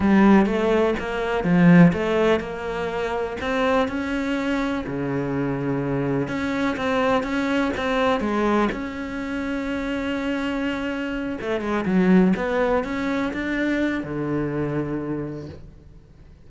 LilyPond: \new Staff \with { instrumentName = "cello" } { \time 4/4 \tempo 4 = 124 g4 a4 ais4 f4 | a4 ais2 c'4 | cis'2 cis2~ | cis4 cis'4 c'4 cis'4 |
c'4 gis4 cis'2~ | cis'2.~ cis'8 a8 | gis8 fis4 b4 cis'4 d'8~ | d'4 d2. | }